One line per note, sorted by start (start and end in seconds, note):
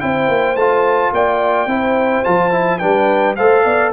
0.00 0.28 C4
0.00 0.56 E4
0.00 1.13 C5
0.00 0.56 G5
0.28 0.55 A#3
0.55 1.11 A3
0.55 1.68 F4
0.55 1.12 A5
1.12 1.66 A#3
1.12 1.70 D5
1.12 2.24 G5
1.66 2.22 C4
1.66 2.24 E4
1.73 2.80 C5
2.24 2.83 F3
2.24 2.51 F4
2.24 2.79 A5
2.51 2.79 E4
2.79 3.39 G3
2.79 3.36 D4
2.79 3.36 B4
2.79 3.35 G5
3.36 3.65 A3
3.36 3.93 A4
3.36 3.64 C5
3.36 3.92 F5
3.64 3.93 B3
3.64 3.92 D5